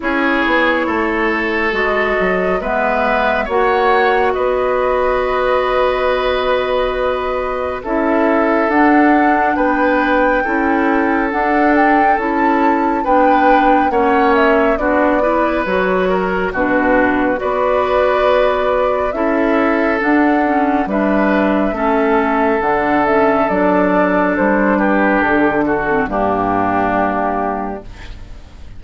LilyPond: <<
  \new Staff \with { instrumentName = "flute" } { \time 4/4 \tempo 4 = 69 cis''2 dis''4 e''4 | fis''4 dis''2.~ | dis''4 e''4 fis''4 g''4~ | g''4 fis''8 g''8 a''4 g''4 |
fis''8 e''8 d''4 cis''4 b'4 | d''2 e''4 fis''4 | e''2 fis''8 e''8 d''4 | c''8 b'8 a'4 g'2 | }
  \new Staff \with { instrumentName = "oboe" } { \time 4/4 gis'4 a'2 b'4 | cis''4 b'2.~ | b'4 a'2 b'4 | a'2. b'4 |
cis''4 fis'8 b'4 ais'8 fis'4 | b'2 a'2 | b'4 a'2.~ | a'8 g'4 fis'8 d'2 | }
  \new Staff \with { instrumentName = "clarinet" } { \time 4/4 e'2 fis'4 b4 | fis'1~ | fis'4 e'4 d'2 | e'4 d'4 e'4 d'4 |
cis'4 d'8 e'8 fis'4 d'4 | fis'2 e'4 d'8 cis'8 | d'4 cis'4 d'8 cis'8 d'4~ | d'4.~ d'16 c'16 ais2 | }
  \new Staff \with { instrumentName = "bassoon" } { \time 4/4 cis'8 b8 a4 gis8 fis8 gis4 | ais4 b2.~ | b4 cis'4 d'4 b4 | cis'4 d'4 cis'4 b4 |
ais4 b4 fis4 b,4 | b2 cis'4 d'4 | g4 a4 d4 fis4 | g4 d4 g,2 | }
>>